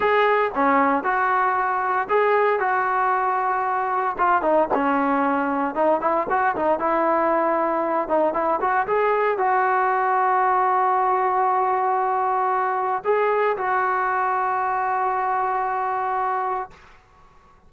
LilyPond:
\new Staff \with { instrumentName = "trombone" } { \time 4/4 \tempo 4 = 115 gis'4 cis'4 fis'2 | gis'4 fis'2. | f'8 dis'8 cis'2 dis'8 e'8 | fis'8 dis'8 e'2~ e'8 dis'8 |
e'8 fis'8 gis'4 fis'2~ | fis'1~ | fis'4 gis'4 fis'2~ | fis'1 | }